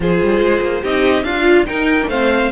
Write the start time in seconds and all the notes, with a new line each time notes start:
0.00 F3 F4 G#4 C5
0.23 G3
0.40 G#3
0.61 A#3
0.82 C4 D#4 G4 D#5
1.23 D4 F4 F5
1.66 D#4 A#4 G5
2.01 A3 D4
2.09 C4 C5 F5